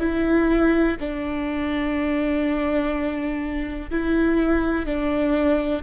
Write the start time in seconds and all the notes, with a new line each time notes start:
0.00 E4
1.00 D4
3.90 E4
4.86 D4